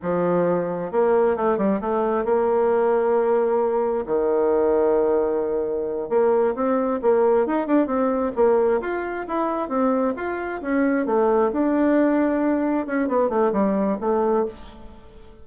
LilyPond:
\new Staff \with { instrumentName = "bassoon" } { \time 4/4 \tempo 4 = 133 f2 ais4 a8 g8 | a4 ais2.~ | ais4 dis2.~ | dis4. ais4 c'4 ais8~ |
ais8 dis'8 d'8 c'4 ais4 f'8~ | f'8 e'4 c'4 f'4 cis'8~ | cis'8 a4 d'2~ d'8~ | d'8 cis'8 b8 a8 g4 a4 | }